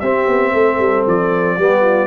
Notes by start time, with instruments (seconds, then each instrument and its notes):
0.00 tuba C4, trombone C4, horn G4, trumpet E5
0.28 tuba B3
0.54 tuba A3, horn A4
0.79 tuba G3
1.07 tuba F3, trumpet D5
1.57 tuba G3, trombone B3, horn G4
1.82 horn F4